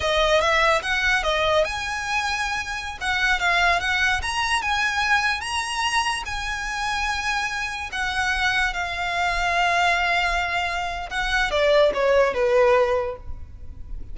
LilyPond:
\new Staff \with { instrumentName = "violin" } { \time 4/4 \tempo 4 = 146 dis''4 e''4 fis''4 dis''4 | gis''2.~ gis''16 fis''8.~ | fis''16 f''4 fis''4 ais''4 gis''8.~ | gis''4~ gis''16 ais''2 gis''8.~ |
gis''2.~ gis''16 fis''8.~ | fis''4~ fis''16 f''2~ f''8.~ | f''2. fis''4 | d''4 cis''4 b'2 | }